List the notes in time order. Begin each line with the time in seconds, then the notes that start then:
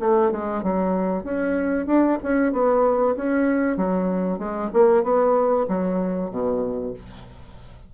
0.00 A3
0.32 G#3
0.63 F#3
1.24 C#4
1.87 D4
2.23 C#4
2.53 B3
3.16 C#4
3.77 F#3
4.39 G#3
4.74 A#3
5.04 B3
5.68 F#3
6.31 B2